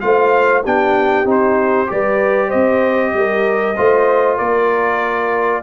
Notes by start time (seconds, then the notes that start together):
0.00 A3 F4 C5 F5
0.63 B3 D4 G4 G5
1.24 C4 D#4 C5
1.87 G3 G4 B4 D5
2.47 C4 C5 D#5
3.13 G3 A#4
3.76 A3 F4 C5
4.37 A#3 A#4 D5